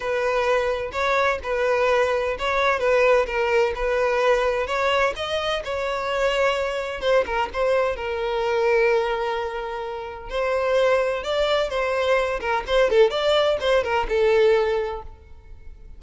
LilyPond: \new Staff \with { instrumentName = "violin" } { \time 4/4 \tempo 4 = 128 b'2 cis''4 b'4~ | b'4 cis''4 b'4 ais'4 | b'2 cis''4 dis''4 | cis''2. c''8 ais'8 |
c''4 ais'2.~ | ais'2 c''2 | d''4 c''4. ais'8 c''8 a'8 | d''4 c''8 ais'8 a'2 | }